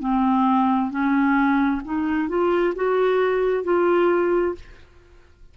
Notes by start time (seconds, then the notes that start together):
0.00 C4
0.90 C#4
1.85 D#4
2.29 F4
2.76 F#4
3.64 F4